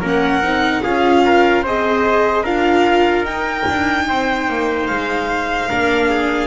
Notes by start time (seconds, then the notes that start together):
0.00 A#3 C#4 A#4
0.06 F#5
0.41 C4 D#4
0.82 C#4 F4 G#4 F5
1.25 A#4
1.63 C4 G#4 C5 D#5
2.43 D4 F4 A#4 F5
3.23 D#4 G5
3.69 D4
4.08 C4 C5
4.48 A#3
4.86 G#3 F5
5.69 A#3 D4 A#4
6.09 G#4